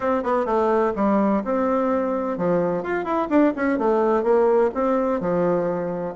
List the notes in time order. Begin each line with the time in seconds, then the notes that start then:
0.00 C4
0.23 B3
0.45 A3
0.95 G3
1.44 C4
2.37 F3
2.83 F4
3.04 E4
3.29 D4
3.55 C#4
3.78 A3
4.23 A#3
4.74 C4
5.20 F3